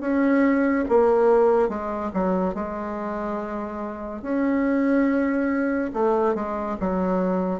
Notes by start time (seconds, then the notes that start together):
0.00 C#4
0.88 A#3
1.68 G#3
2.13 F#3
2.54 G#3
4.22 C#4
5.93 A3
6.34 G#3
6.80 F#3